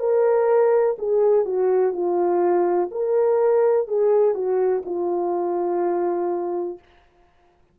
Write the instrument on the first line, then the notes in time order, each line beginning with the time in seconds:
horn
0.00 A#4
0.99 G#4
1.45 F#4
1.93 F4
2.91 A#4
3.88 G#4
4.35 F#4
4.86 F4